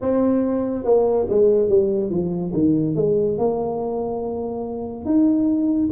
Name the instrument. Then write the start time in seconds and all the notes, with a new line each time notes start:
tuba
0.01 C4
0.84 A#3
1.29 G#3
1.69 G3
2.10 F3
2.53 D#3
2.95 G#3
3.38 A#3
5.05 D#4